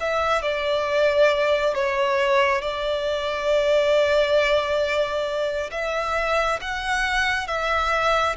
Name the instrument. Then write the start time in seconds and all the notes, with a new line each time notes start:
violin
0.00 E5
0.43 D5
1.74 C#5
2.62 D5
5.72 E5
6.61 F#5
7.48 E5